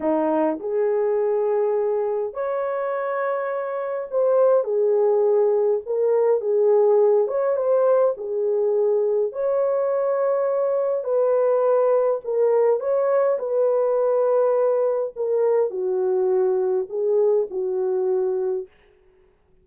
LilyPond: \new Staff \with { instrumentName = "horn" } { \time 4/4 \tempo 4 = 103 dis'4 gis'2. | cis''2. c''4 | gis'2 ais'4 gis'4~ | gis'8 cis''8 c''4 gis'2 |
cis''2. b'4~ | b'4 ais'4 cis''4 b'4~ | b'2 ais'4 fis'4~ | fis'4 gis'4 fis'2 | }